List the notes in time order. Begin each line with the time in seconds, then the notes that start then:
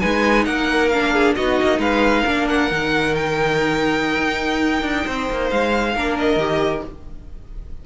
0.00 G#3 D#4 B4 G#5
0.46 A#3 A#4 F#5
0.89 D4 F5
1.14 G#4
1.36 B3 D#4 F#4 D#5
1.63 A#3
1.79 G#3 B4 F5
2.23 A#3 D4 A#4
2.49 F#5
2.71 D#3 D#4
3.15 G5
4.17 D#4
4.83 D4
5.05 C4 C5
5.30 A#3
5.50 G#3 F5
5.95 A#3 D4 A#4
6.19 D#5
6.36 D#3 G4